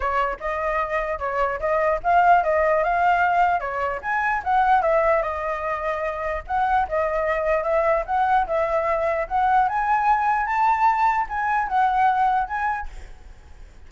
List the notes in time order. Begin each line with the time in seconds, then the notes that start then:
0.00 C#5
0.40 D#5
1.19 C#5
1.59 D#5
2.03 F5
2.43 D#5
2.83 F5
3.59 C#5
4.02 G#5
4.43 F#5
4.82 E5
5.22 D#5
6.47 F#5
6.88 D#5
7.63 E5
8.06 F#5
8.47 E5
9.28 F#5
9.68 G#5
10.46 A5
11.28 G#5
11.67 F#5
12.47 G#5